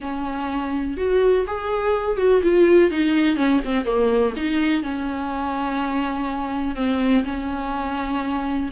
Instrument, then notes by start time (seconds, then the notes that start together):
viola
0.00 C#4
0.97 F#4
1.46 G#4
2.17 F#4
2.42 F4
2.90 D#4
3.36 C#4
3.64 C4
3.85 A#3
4.36 D#4
4.83 C#4
6.75 C4
7.24 C#4